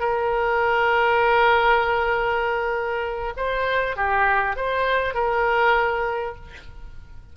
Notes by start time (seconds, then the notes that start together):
0.00 A#4
3.37 C5
3.96 G4
4.56 C5
5.14 A#4